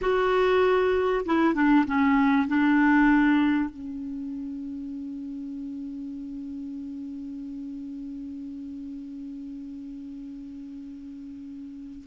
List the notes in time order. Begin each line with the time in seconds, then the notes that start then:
0.01 F#4
1.25 E4
1.54 D4
1.86 C#4
2.47 D4
3.70 C#4